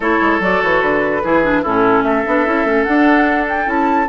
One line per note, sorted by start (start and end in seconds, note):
0.00 0.18 A3
0.00 0.40 E4
0.00 1.22 A4
0.00 0.42 C#5
0.21 0.39 G#3
0.39 0.59 F#3
0.39 1.22 F#4
0.39 0.61 D5
0.61 0.82 E3
0.61 0.81 C#5
0.81 1.22 D3
0.81 1.63 B4
1.23 1.64 E3
1.23 1.43 E4
1.23 1.62 G#4
1.43 1.64 D4
1.62 2.02 A2
1.62 2.25 C#4
1.62 2.03 E4
1.62 2.02 A4
2.02 2.23 A3
2.02 4.08 A4
2.02 2.83 E5
2.25 2.46 B3
2.25 2.45 D4
2.45 2.64 C#4
2.45 2.65 E4
2.64 2.85 A3
2.64 2.85 C#4
2.83 3.65 D4
2.83 3.66 D4
2.83 3.45 F#5
3.48 3.69 G5
3.65 4.07 C#4
3.65 4.05 E4
3.65 4.08 A5